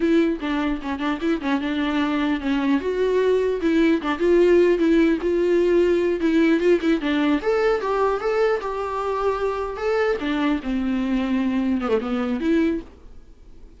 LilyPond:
\new Staff \with { instrumentName = "viola" } { \time 4/4 \tempo 4 = 150 e'4 d'4 cis'8 d'8 e'8 cis'8 | d'2 cis'4 fis'4~ | fis'4 e'4 d'8 f'4. | e'4 f'2~ f'8 e'8~ |
e'8 f'8 e'8 d'4 a'4 g'8~ | g'8 a'4 g'2~ g'8~ | g'8 a'4 d'4 c'4.~ | c'4. b16 a16 b4 e'4 | }